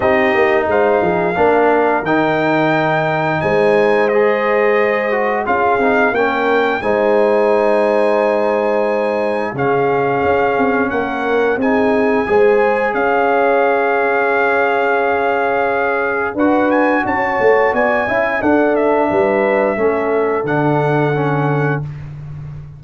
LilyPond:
<<
  \new Staff \with { instrumentName = "trumpet" } { \time 4/4 \tempo 4 = 88 dis''4 f''2 g''4~ | g''4 gis''4 dis''2 | f''4 g''4 gis''2~ | gis''2 f''2 |
fis''4 gis''2 f''4~ | f''1 | fis''8 gis''8 a''4 gis''4 fis''8 e''8~ | e''2 fis''2 | }
  \new Staff \with { instrumentName = "horn" } { \time 4/4 g'4 c''8 gis'8 ais'2~ | ais'4 c''2. | gis'4 ais'4 c''2~ | c''2 gis'2 |
ais'4 gis'4 c''4 cis''4~ | cis''1 | b'4 cis''4 d''8 e''8 a'4 | b'4 a'2. | }
  \new Staff \with { instrumentName = "trombone" } { \time 4/4 dis'2 d'4 dis'4~ | dis'2 gis'4. fis'8 | f'8 dis'8 cis'4 dis'2~ | dis'2 cis'2~ |
cis'4 dis'4 gis'2~ | gis'1 | fis'2~ fis'8 e'8 d'4~ | d'4 cis'4 d'4 cis'4 | }
  \new Staff \with { instrumentName = "tuba" } { \time 4/4 c'8 ais8 gis8 f8 ais4 dis4~ | dis4 gis2. | cis'8 c'8 ais4 gis2~ | gis2 cis4 cis'8 c'8 |
ais4 c'4 gis4 cis'4~ | cis'1 | d'4 cis'8 a8 b8 cis'8 d'4 | g4 a4 d2 | }
>>